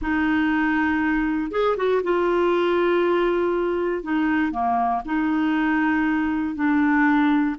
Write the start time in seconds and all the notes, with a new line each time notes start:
0.01 D#4
1.51 G#4
1.76 F#4
2.03 F4
4.03 D#4
4.51 A#3
5.05 D#4
6.55 D4